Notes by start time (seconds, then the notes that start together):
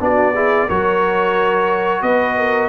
0.00 B3 D4 F#4 D5
0.34 E4 G#4
0.67 F#3 F#4 A#4 C#5
2.02 B3 B4 D#5
2.38 A#4